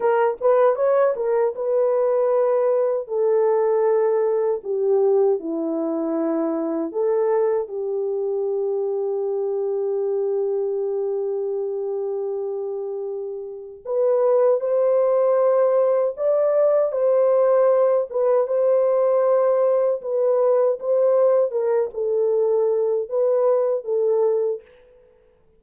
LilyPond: \new Staff \with { instrumentName = "horn" } { \time 4/4 \tempo 4 = 78 ais'8 b'8 cis''8 ais'8 b'2 | a'2 g'4 e'4~ | e'4 a'4 g'2~ | g'1~ |
g'2 b'4 c''4~ | c''4 d''4 c''4. b'8 | c''2 b'4 c''4 | ais'8 a'4. b'4 a'4 | }